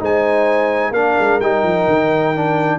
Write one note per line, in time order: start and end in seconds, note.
0.00 0.91 G#3
0.00 0.94 D#4
0.00 0.92 C5
0.00 0.94 G#5
0.91 1.15 A#3
0.91 1.41 D4
0.91 2.79 A#4
0.91 1.41 F5
1.20 1.41 G#3
1.41 1.64 G3
1.41 2.36 D#4
1.41 2.79 G5
1.64 1.87 F3
1.88 2.79 D#3
2.36 2.79 D4